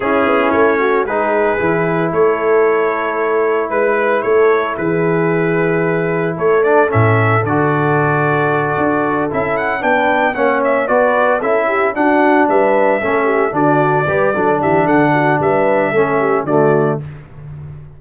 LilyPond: <<
  \new Staff \with { instrumentName = "trumpet" } { \time 4/4 \tempo 4 = 113 gis'4 cis''4 b'2 | cis''2. b'4 | cis''4 b'2. | cis''8 d''8 e''4 d''2~ |
d''4. e''8 fis''8 g''4 fis''8 | e''8 d''4 e''4 fis''4 e''8~ | e''4. d''2 e''8 | fis''4 e''2 d''4 | }
  \new Staff \with { instrumentName = "horn" } { \time 4/4 e'4. fis'8 gis'2 | a'2. b'4 | a'4 gis'2. | a'1~ |
a'2~ a'8 b'4 cis''8~ | cis''8 b'4 a'8 g'8 fis'4 b'8~ | b'8 a'8 g'8 fis'4 b'8 a'8 g'8 | a'8 fis'8 b'4 a'8 g'8 fis'4 | }
  \new Staff \with { instrumentName = "trombone" } { \time 4/4 cis'2 dis'4 e'4~ | e'1~ | e'1~ | e'8 d'8 cis'4 fis'2~ |
fis'4. e'4 d'4 cis'8~ | cis'8 fis'4 e'4 d'4.~ | d'8 cis'4 d'4 g'8 d'4~ | d'2 cis'4 a4 | }
  \new Staff \with { instrumentName = "tuba" } { \time 4/4 cis'8 b8 a4 gis4 e4 | a2. gis4 | a4 e2. | a4 a,4 d2~ |
d8 d'4 cis'4 b4 ais8~ | ais8 b4 cis'4 d'4 g8~ | g8 a4 d4 g8 fis8 e8 | d4 g4 a4 d4 | }
>>